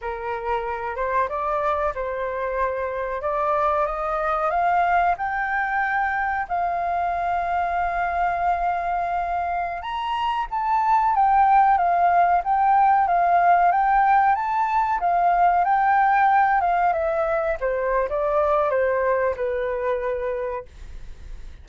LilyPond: \new Staff \with { instrumentName = "flute" } { \time 4/4 \tempo 4 = 93 ais'4. c''8 d''4 c''4~ | c''4 d''4 dis''4 f''4 | g''2 f''2~ | f''2.~ f''16 ais''8.~ |
ais''16 a''4 g''4 f''4 g''8.~ | g''16 f''4 g''4 a''4 f''8.~ | f''16 g''4. f''8 e''4 c''8. | d''4 c''4 b'2 | }